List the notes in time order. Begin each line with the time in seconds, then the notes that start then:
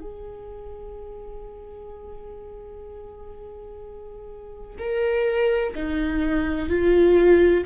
0.00 G#4
4.78 A#4
5.74 D#4
6.69 F4